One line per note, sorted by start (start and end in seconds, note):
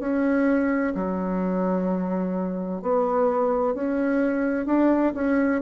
0.00 0.94 C#4
0.95 2.83 F#3
2.83 3.75 B3
3.75 4.67 C#4
4.67 5.13 D4
5.15 5.62 C#4